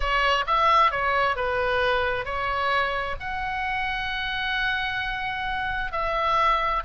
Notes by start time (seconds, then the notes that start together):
0.00 C#5
0.46 E5
0.91 C#5
1.36 B4
2.25 C#5
3.20 F#5
5.92 E5